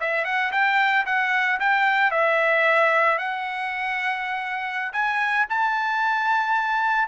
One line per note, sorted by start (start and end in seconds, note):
0.00 0.25 E5
0.25 0.51 F#5
0.52 1.05 G5
1.06 1.59 F#5
1.60 2.11 G5
2.11 3.18 E5
3.18 4.92 F#5
4.93 5.46 G#5
5.49 7.08 A5